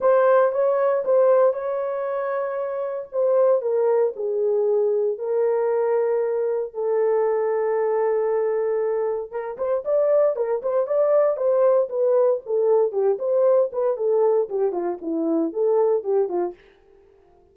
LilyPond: \new Staff \with { instrumentName = "horn" } { \time 4/4 \tempo 4 = 116 c''4 cis''4 c''4 cis''4~ | cis''2 c''4 ais'4 | gis'2 ais'2~ | ais'4 a'2.~ |
a'2 ais'8 c''8 d''4 | ais'8 c''8 d''4 c''4 b'4 | a'4 g'8 c''4 b'8 a'4 | g'8 f'8 e'4 a'4 g'8 f'8 | }